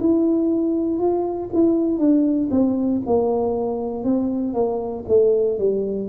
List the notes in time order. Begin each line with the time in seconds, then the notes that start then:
0.00 E4
0.99 F4
1.53 E4
1.98 D4
2.51 C4
3.06 A#3
4.04 C4
4.53 A#3
5.08 A3
5.58 G3